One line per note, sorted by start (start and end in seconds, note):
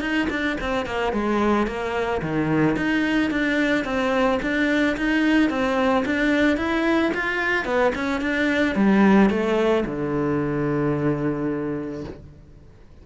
0.00 0.27 D#4
0.30 0.57 D4
0.60 0.85 C4
0.85 1.12 A#3
1.12 1.67 G#3
1.67 2.21 A#3
2.21 2.76 D#3
2.76 3.30 D#4
3.30 3.84 D4
3.84 4.39 C4
4.42 4.96 D4
4.97 5.49 D#4
5.49 6.04 C4
6.05 6.57 D4
6.57 7.11 E4
7.14 7.65 F4
7.65 7.92 B3
7.95 8.21 C#4
8.21 8.75 D4
8.75 9.29 G3
9.29 9.84 A3
9.86 12.04 D3